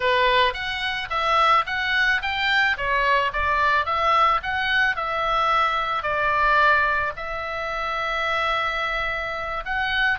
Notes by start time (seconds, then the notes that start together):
0.00 B4
0.53 F#5
1.09 E5
1.66 F#5
2.21 G5
2.77 C#5
3.32 D5
3.85 E5
4.43 F#5
4.95 E5
6.03 D5
7.16 E5
9.65 F#5